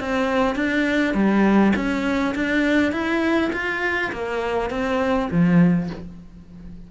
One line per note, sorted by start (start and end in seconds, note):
0.00 0.56 C4
0.56 1.15 D4
1.15 1.74 G3
1.76 2.35 C#4
2.36 2.93 D4
2.93 3.51 E4
3.53 4.12 F4
4.13 4.71 A#3
4.71 5.29 C4
5.32 5.90 F3